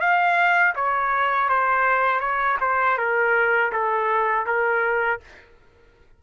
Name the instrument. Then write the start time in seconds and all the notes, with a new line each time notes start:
trumpet
0.00 F5
0.75 C#5
1.49 C5
2.20 C#5
2.60 C5
2.97 A#4
3.72 A4
4.46 A#4